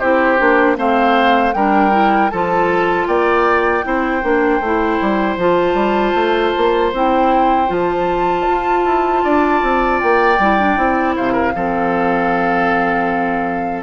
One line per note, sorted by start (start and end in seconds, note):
0.00 0.40 C4
0.00 0.38 E4
0.00 0.77 G4
0.00 0.77 C5
0.38 0.78 A#3
0.38 0.77 D4
0.77 1.55 A3
0.77 1.54 C4
0.77 1.55 C5
0.77 1.53 F5
1.53 2.32 G3
1.53 1.92 D4
1.53 2.32 A#4
1.53 2.30 G5
1.92 2.30 E4
2.30 3.08 F3
2.30 3.83 F4
2.30 3.08 A4
2.30 3.07 A5
3.08 3.85 A#3
3.08 3.85 D5
3.08 5.38 G5
3.83 4.24 C4
3.83 4.22 E4
3.83 9.24 C5
4.23 4.61 A#3
4.23 4.61 D4
4.61 4.99 A3
4.61 5.39 E4
5.02 5.37 G3
5.37 5.74 F3
5.37 6.93 F4
5.37 6.93 A5
5.74 6.13 G3
6.15 6.54 A3
6.58 6.93 A#3
6.93 7.70 C4
6.93 7.68 E4
6.93 7.72 G5
7.68 8.47 F3
7.68 10.37 F4
7.68 10.00 A5
8.48 8.85 F4
8.85 9.24 E4
9.24 9.63 D4
9.24 11.16 D5
9.63 10.01 C4
10.00 10.39 A#3
10.00 11.15 G5
10.39 10.77 G3
10.39 10.60 E4
10.60 10.77 D4
10.77 11.16 C4
10.77 11.54 E4
11.16 11.56 C3
11.16 11.33 C5
11.16 13.83 F5
11.33 11.52 A#4
11.54 13.83 F3
11.54 13.83 C4
11.54 13.83 A4